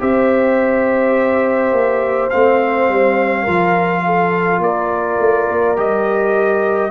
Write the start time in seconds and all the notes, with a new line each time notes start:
0.00 C4 G4 C5 E5
1.72 A#3
2.30 A3 C4 F5
2.89 G3
3.43 F3 F4 A#4
4.06 A4
4.59 A#3 A#4 D5
5.20 A3
5.48 A#3
5.76 G3 G4 D#5